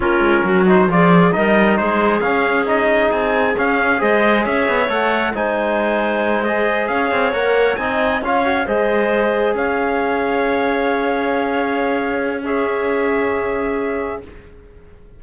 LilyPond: <<
  \new Staff \with { instrumentName = "trumpet" } { \time 4/4 \tempo 4 = 135 ais'4. c''8 d''4 dis''4 | c''4 f''4 dis''4 gis''4 | f''4 dis''4 e''4 fis''4 | gis''2~ gis''8 dis''4 f''8~ |
f''8 fis''4 gis''4 f''4 dis''8~ | dis''4. f''2~ f''8~ | f''1 | e''1 | }
  \new Staff \with { instrumentName = "clarinet" } { \time 4/4 f'4 fis'4 gis'4 ais'4 | gis'1~ | gis'4 c''4 cis''2 | c''2.~ c''8 cis''8~ |
cis''4. dis''4 cis''4 c''8~ | c''4. cis''2~ cis''8~ | cis''1 | gis'1 | }
  \new Staff \with { instrumentName = "trombone" } { \time 4/4 cis'4. dis'8 f'4 dis'4~ | dis'4 cis'4 dis'2 | cis'4 gis'2 a'4 | dis'2~ dis'8 gis'4.~ |
gis'8 ais'4 dis'4 f'8 fis'8 gis'8~ | gis'1~ | gis'1 | cis'1 | }
  \new Staff \with { instrumentName = "cello" } { \time 4/4 ais8 gis8 fis4 f4 g4 | gis4 cis'2 c'4 | cis'4 gis4 cis'8 b8 a4 | gis2.~ gis8 cis'8 |
c'8 ais4 c'4 cis'4 gis8~ | gis4. cis'2~ cis'8~ | cis'1~ | cis'1 | }
>>